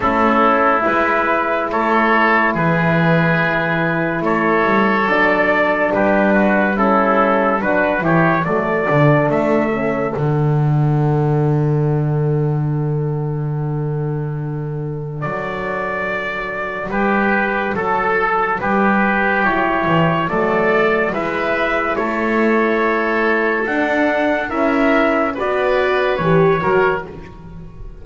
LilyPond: <<
  \new Staff \with { instrumentName = "trumpet" } { \time 4/4 \tempo 4 = 71 a'4 b'4 cis''4 b'4~ | b'4 cis''4 d''4 b'4 | a'4 b'8 cis''8 d''4 e''4 | fis''1~ |
fis''2 d''2 | b'4 a'4 b'4 cis''4 | d''4 e''4 cis''2 | fis''4 e''4 d''4 cis''4 | }
  \new Staff \with { instrumentName = "oboe" } { \time 4/4 e'2 a'4 gis'4~ | gis'4 a'2 g'8 fis'8 | e'4 fis'8 g'8 a'2~ | a'1~ |
a'1 | g'4 a'4 g'2 | a'4 b'4 a'2~ | a'4 ais'4 b'4. ais'8 | }
  \new Staff \with { instrumentName = "horn" } { \time 4/4 cis'4 e'2.~ | e'2 d'2 | cis'4 d'8 e'8 a8 d'4 cis'8 | d'1~ |
d'1~ | d'2. e'4 | a4 e'2. | d'4 e'4 fis'4 g'8 fis'8 | }
  \new Staff \with { instrumentName = "double bass" } { \time 4/4 a4 gis4 a4 e4~ | e4 a8 g8 fis4 g4~ | g4 fis8 e8 fis8 d8 a4 | d1~ |
d2 fis2 | g4 fis4 g4 fis8 e8 | fis4 gis4 a2 | d'4 cis'4 b4 e8 fis8 | }
>>